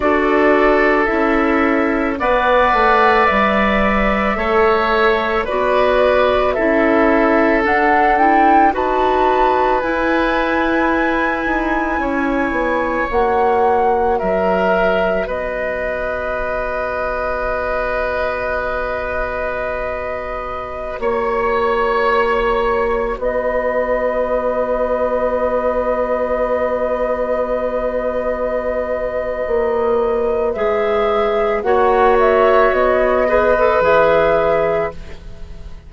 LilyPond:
<<
  \new Staff \with { instrumentName = "flute" } { \time 4/4 \tempo 4 = 55 d''4 e''4 fis''4 e''4~ | e''4 d''4 e''4 fis''8 g''8 | a''4 gis''2. | fis''4 e''4 dis''2~ |
dis''2.~ dis''16 cis''8.~ | cis''4~ cis''16 dis''2~ dis''8.~ | dis''1 | e''4 fis''8 e''8 dis''4 e''4 | }
  \new Staff \with { instrumentName = "oboe" } { \time 4/4 a'2 d''2 | cis''4 b'4 a'2 | b'2. cis''4~ | cis''4 ais'4 b'2~ |
b'2.~ b'16 cis''8.~ | cis''4~ cis''16 b'2~ b'8.~ | b'1~ | b'4 cis''4. b'4. | }
  \new Staff \with { instrumentName = "clarinet" } { \time 4/4 fis'4 e'4 b'2 | a'4 fis'4 e'4 d'8 e'8 | fis'4 e'2. | fis'1~ |
fis'1~ | fis'1~ | fis'1 | gis'4 fis'4. gis'16 a'16 gis'4 | }
  \new Staff \with { instrumentName = "bassoon" } { \time 4/4 d'4 cis'4 b8 a8 g4 | a4 b4 cis'4 d'4 | dis'4 e'4. dis'8 cis'8 b8 | ais4 fis4 b2~ |
b2.~ b16 ais8.~ | ais4~ ais16 b2~ b8.~ | b2. ais4 | gis4 ais4 b4 e4 | }
>>